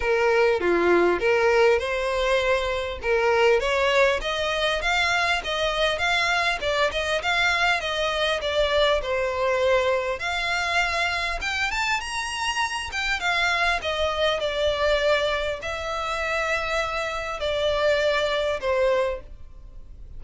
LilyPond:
\new Staff \with { instrumentName = "violin" } { \time 4/4 \tempo 4 = 100 ais'4 f'4 ais'4 c''4~ | c''4 ais'4 cis''4 dis''4 | f''4 dis''4 f''4 d''8 dis''8 | f''4 dis''4 d''4 c''4~ |
c''4 f''2 g''8 a''8 | ais''4. g''8 f''4 dis''4 | d''2 e''2~ | e''4 d''2 c''4 | }